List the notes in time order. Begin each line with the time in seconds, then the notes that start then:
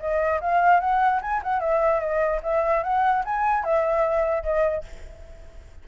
0.00 D#5
0.41 F5
0.81 F#5
1.22 G#5
1.44 F#5
1.61 E5
2.00 D#5
2.43 E5
2.84 F#5
3.25 G#5
3.64 E5
4.44 D#5